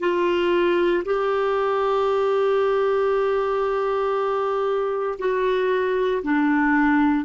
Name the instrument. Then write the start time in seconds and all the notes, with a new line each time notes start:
clarinet
0.00 F4
1.05 G4
5.19 F#4
6.23 D4